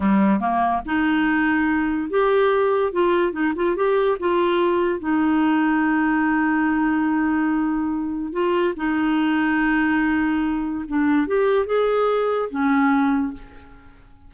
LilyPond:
\new Staff \with { instrumentName = "clarinet" } { \time 4/4 \tempo 4 = 144 g4 ais4 dis'2~ | dis'4 g'2 f'4 | dis'8 f'8 g'4 f'2 | dis'1~ |
dis'1 | f'4 dis'2.~ | dis'2 d'4 g'4 | gis'2 cis'2 | }